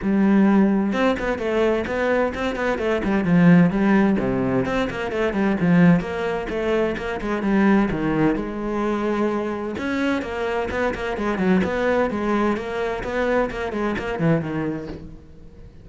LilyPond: \new Staff \with { instrumentName = "cello" } { \time 4/4 \tempo 4 = 129 g2 c'8 b8 a4 | b4 c'8 b8 a8 g8 f4 | g4 c4 c'8 ais8 a8 g8 | f4 ais4 a4 ais8 gis8 |
g4 dis4 gis2~ | gis4 cis'4 ais4 b8 ais8 | gis8 fis8 b4 gis4 ais4 | b4 ais8 gis8 ais8 e8 dis4 | }